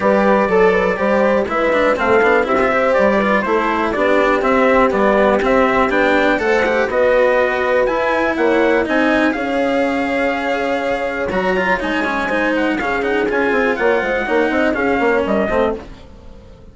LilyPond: <<
  \new Staff \with { instrumentName = "trumpet" } { \time 4/4 \tempo 4 = 122 d''2. e''4 | f''4 e''4 d''4 c''4 | d''4 e''4 d''4 e''4 | g''4 fis''4 dis''2 |
gis''4 fis''4 gis''4 f''4~ | f''2. ais''4 | gis''4. fis''8 f''8 fis''8 gis''4 | fis''2 f''4 dis''4 | }
  \new Staff \with { instrumentName = "horn" } { \time 4/4 b'4 a'8 b'8 c''4 b'4 | a'4 g'8 c''4 b'8 a'4 | g'1~ | g'4 c''4 b'2~ |
b'4 cis''4 dis''4 cis''4~ | cis''1~ | cis''4 c''4 gis'2 | cis''8 c''8 cis''8 dis''8 gis'8 cis''8 ais'8 c''8 | }
  \new Staff \with { instrumentName = "cello" } { \time 4/4 g'4 a'4 g'4 e'8 d'8 | c'8 d'8 e'16 f'16 g'4 f'8 e'4 | d'4 c'4 b4 c'4 | d'4 a'8 g'8 fis'2 |
e'2 dis'4 gis'4~ | gis'2. fis'8 f'8 | dis'8 cis'8 dis'4 cis'8 dis'8 f'4~ | f'4 dis'4 cis'4. c'8 | }
  \new Staff \with { instrumentName = "bassoon" } { \time 4/4 g4 fis4 g4 gis4 | a8 b8 c'4 g4 a4 | b4 c'4 g4 c'4 | b4 a4 b2 |
e'4 ais4 c'4 cis'4~ | cis'2. fis4 | gis2 cis4 cis'8 c'8 | ais8 gis8 ais8 c'8 cis'8 ais8 g8 a8 | }
>>